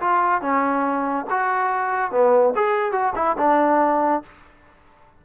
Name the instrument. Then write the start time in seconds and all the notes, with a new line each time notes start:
trombone
0.00 F4
0.41 C#4
1.30 F#4
2.11 B3
2.55 G#4
2.92 F#4
3.15 E4
3.38 D4